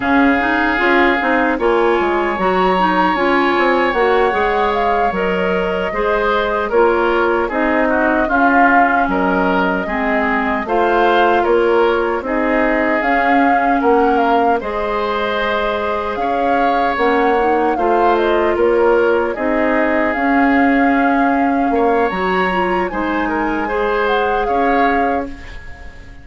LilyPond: <<
  \new Staff \with { instrumentName = "flute" } { \time 4/4 \tempo 4 = 76 f''2 gis''4 ais''4 | gis''4 fis''4 f''8 dis''4.~ | dis''8 cis''4 dis''4 f''4 dis''8~ | dis''4. f''4 cis''4 dis''8~ |
dis''8 f''4 fis''8 f''8 dis''4.~ | dis''8 f''4 fis''4 f''8 dis''8 cis''8~ | cis''8 dis''4 f''2~ f''8 | ais''4 gis''4. fis''8 f''4 | }
  \new Staff \with { instrumentName = "oboe" } { \time 4/4 gis'2 cis''2~ | cis''2.~ cis''8 c''8~ | c''8 ais'4 gis'8 fis'8 f'4 ais'8~ | ais'8 gis'4 c''4 ais'4 gis'8~ |
gis'4. ais'4 c''4.~ | c''8 cis''2 c''4 ais'8~ | ais'8 gis'2. cis''8~ | cis''4 c''8 ais'8 c''4 cis''4 | }
  \new Staff \with { instrumentName = "clarinet" } { \time 4/4 cis'8 dis'8 f'8 dis'8 f'4 fis'8 dis'8 | f'4 fis'8 gis'4 ais'4 gis'8~ | gis'8 f'4 dis'4 cis'4.~ | cis'8 c'4 f'2 dis'8~ |
dis'8 cis'2 gis'4.~ | gis'4. cis'8 dis'8 f'4.~ | f'8 dis'4 cis'2~ cis'8 | fis'8 f'8 dis'4 gis'2 | }
  \new Staff \with { instrumentName = "bassoon" } { \time 4/4 cis4 cis'8 c'8 ais8 gis8 fis4 | cis'8 c'8 ais8 gis4 fis4 gis8~ | gis8 ais4 c'4 cis'4 fis8~ | fis8 gis4 a4 ais4 c'8~ |
c'8 cis'4 ais4 gis4.~ | gis8 cis'4 ais4 a4 ais8~ | ais8 c'4 cis'2 ais8 | fis4 gis2 cis'4 | }
>>